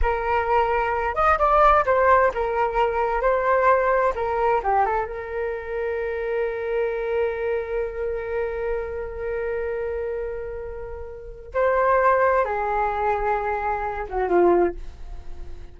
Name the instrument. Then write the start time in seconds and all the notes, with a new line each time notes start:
flute
0.01 A#4
1.14 D#5
1.38 D5
1.85 C5
2.34 A#4
3.21 C5
4.15 A#4
4.63 G4
4.85 A4
5.06 A#4
11.54 C5
12.44 G#4
14.08 F#4
14.28 F4